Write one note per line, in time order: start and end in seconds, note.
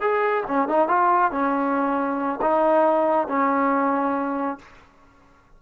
0.00 0.43 G#4
0.46 0.68 C#4
0.68 0.88 D#4
0.88 1.31 F4
1.31 2.40 C#4
2.41 3.28 D#4
3.28 4.58 C#4